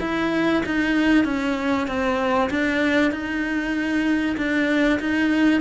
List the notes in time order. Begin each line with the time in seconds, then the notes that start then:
0.00 E4
0.65 D#4
1.24 C#4
1.87 C4
2.50 D4
3.11 D#4
4.37 D4
5.00 D#4